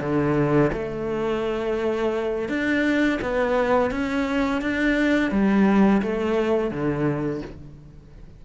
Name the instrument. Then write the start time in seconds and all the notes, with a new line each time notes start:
cello
0.00 D3
0.72 A3
2.48 D4
3.21 B3
3.90 C#4
4.61 D4
5.31 G3
6.02 A3
6.70 D3